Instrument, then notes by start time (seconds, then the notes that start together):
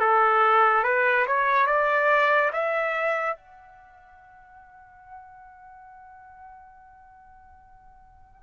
trumpet
0.00 A4
0.84 B4
1.27 C#5
1.66 D5
2.53 E5
3.36 F#5